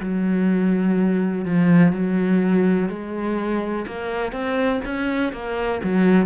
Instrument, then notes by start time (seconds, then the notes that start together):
cello
0.00 F#3
1.45 F3
1.92 F#3
2.89 G#3
3.87 A#3
4.32 C4
4.85 C#4
5.32 A#3
5.83 F#3